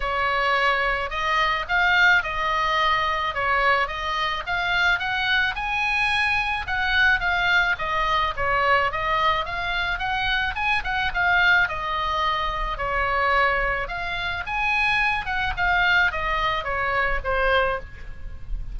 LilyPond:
\new Staff \with { instrumentName = "oboe" } { \time 4/4 \tempo 4 = 108 cis''2 dis''4 f''4 | dis''2 cis''4 dis''4 | f''4 fis''4 gis''2 | fis''4 f''4 dis''4 cis''4 |
dis''4 f''4 fis''4 gis''8 fis''8 | f''4 dis''2 cis''4~ | cis''4 f''4 gis''4. fis''8 | f''4 dis''4 cis''4 c''4 | }